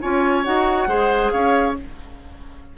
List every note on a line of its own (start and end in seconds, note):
0.00 0.47 C#4
0.00 0.44 F4
0.00 0.89 C#5
0.00 0.44 G#5
0.44 0.87 D#4
0.44 0.88 F#4
0.44 1.31 F#5
0.87 1.31 G#3
0.87 1.75 G#4
0.87 1.32 C5
1.31 1.77 C#4
1.31 1.76 C#5
1.31 1.74 F5